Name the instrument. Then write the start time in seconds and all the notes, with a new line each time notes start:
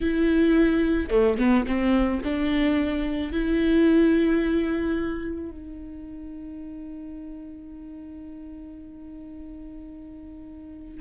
viola
0.00 E4
1.10 A3
1.37 B3
1.66 C4
2.23 D4
3.32 E4
5.50 D#4